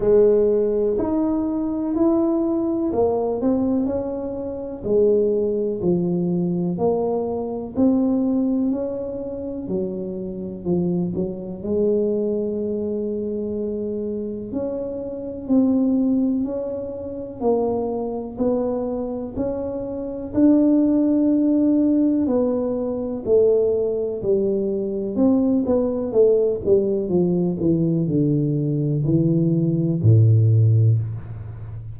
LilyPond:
\new Staff \with { instrumentName = "tuba" } { \time 4/4 \tempo 4 = 62 gis4 dis'4 e'4 ais8 c'8 | cis'4 gis4 f4 ais4 | c'4 cis'4 fis4 f8 fis8 | gis2. cis'4 |
c'4 cis'4 ais4 b4 | cis'4 d'2 b4 | a4 g4 c'8 b8 a8 g8 | f8 e8 d4 e4 a,4 | }